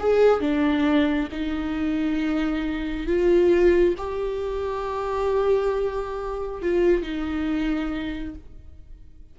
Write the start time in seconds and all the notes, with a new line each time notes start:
0.00 G#4
0.41 D4
1.32 D#4
3.07 F4
3.98 G4
6.62 F4
7.03 D#4